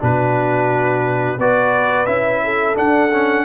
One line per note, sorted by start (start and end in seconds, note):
0.00 1.38 B2
0.00 1.38 D4
0.00 1.39 F#4
0.00 1.40 B4
1.38 2.07 B3
1.38 2.07 F#4
1.38 2.43 B4
1.38 2.06 D5
2.06 2.76 C#4
2.06 2.75 E4
2.06 2.75 E5
2.44 3.45 A4
2.75 3.09 D4
2.75 3.45 D4
2.75 3.45 F#5
3.12 3.45 C#4